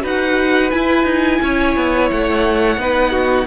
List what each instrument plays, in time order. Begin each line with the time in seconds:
0.00 cello D#4, viola F#4, violin B4
0.06 violin F#5
0.70 viola E4, cello E4, violin G#5
1.04 cello D#4
1.42 cello C#4, violin C#5
1.76 cello B3
2.10 cello A3, violin F#5
2.77 cello B3, viola D#4, violin B4
3.11 violin F#4